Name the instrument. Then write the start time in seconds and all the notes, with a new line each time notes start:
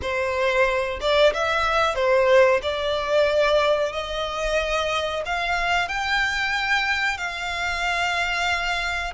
violin
0.01 C5
1.00 D5
1.33 E5
1.95 C5
2.62 D5
3.92 D#5
5.25 F5
5.88 G5
7.17 F5